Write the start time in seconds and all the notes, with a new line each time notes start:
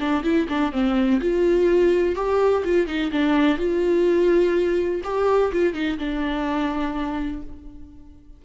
0.00 D4
0.24 E4
0.49 D4
0.72 C4
1.21 F4
2.16 G4
2.65 F4
2.87 D#4
3.12 D4
3.58 F4
5.04 G4
5.52 F4
5.74 D#4
5.98 D4